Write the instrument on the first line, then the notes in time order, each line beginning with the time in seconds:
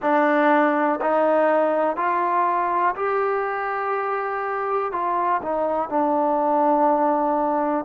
trombone
0.01 D4
1.01 D#4
1.96 F4
2.95 G4
4.92 F4
5.42 D#4
5.89 D4